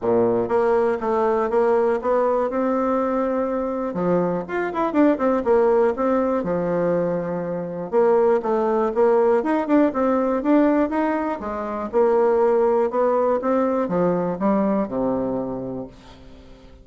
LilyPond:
\new Staff \with { instrumentName = "bassoon" } { \time 4/4 \tempo 4 = 121 ais,4 ais4 a4 ais4 | b4 c'2. | f4 f'8 e'8 d'8 c'8 ais4 | c'4 f2. |
ais4 a4 ais4 dis'8 d'8 | c'4 d'4 dis'4 gis4 | ais2 b4 c'4 | f4 g4 c2 | }